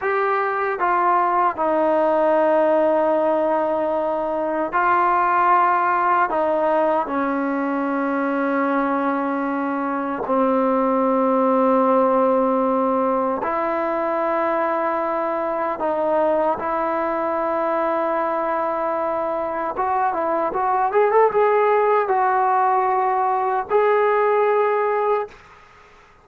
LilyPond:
\new Staff \with { instrumentName = "trombone" } { \time 4/4 \tempo 4 = 76 g'4 f'4 dis'2~ | dis'2 f'2 | dis'4 cis'2.~ | cis'4 c'2.~ |
c'4 e'2. | dis'4 e'2.~ | e'4 fis'8 e'8 fis'8 gis'16 a'16 gis'4 | fis'2 gis'2 | }